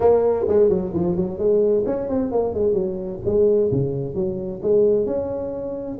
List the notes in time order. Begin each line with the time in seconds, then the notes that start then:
0.00 A#3
0.47 G#3
0.69 F#3
0.93 F3
1.16 F#3
1.38 G#3
1.86 C#4
2.09 C4
2.31 A#3
2.54 G#3
2.73 F#3
3.25 G#3
3.71 C#3
4.14 F#3
4.62 G#3
5.05 C#4